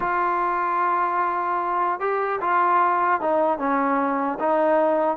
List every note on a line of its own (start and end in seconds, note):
0.00 1.99 F4
1.99 2.39 G4
2.41 3.20 F4
3.20 3.58 D#4
3.58 4.38 C#4
4.39 5.17 D#4